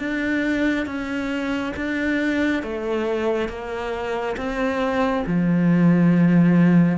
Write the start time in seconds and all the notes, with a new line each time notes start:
0.00 D4
0.87 C#4
1.77 D4
2.63 A3
3.49 A#3
4.37 C4
5.27 F3